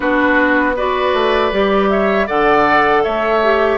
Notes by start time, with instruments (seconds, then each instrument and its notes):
0.00 bassoon B3, clarinet D4, oboe F#4, flute B4
0.75 clarinet F#4, oboe B4, flute D5
1.13 bassoon A3
1.52 bassoon G3, clarinet G4
1.89 oboe C#5, flute E5
2.26 bassoon D3, clarinet A4, oboe D5, flute F#5
3.03 bassoon A3, oboe C#5, flute E5
3.43 clarinet G4